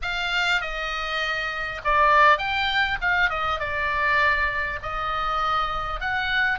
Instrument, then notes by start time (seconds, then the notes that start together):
oboe
0.02 F5
0.61 D#5
1.84 D5
2.38 G5
3.01 F5
3.29 D#5
3.59 D5
4.82 D#5
6.00 F#5